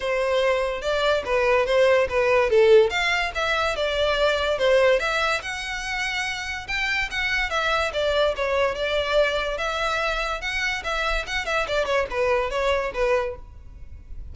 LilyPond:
\new Staff \with { instrumentName = "violin" } { \time 4/4 \tempo 4 = 144 c''2 d''4 b'4 | c''4 b'4 a'4 f''4 | e''4 d''2 c''4 | e''4 fis''2. |
g''4 fis''4 e''4 d''4 | cis''4 d''2 e''4~ | e''4 fis''4 e''4 fis''8 e''8 | d''8 cis''8 b'4 cis''4 b'4 | }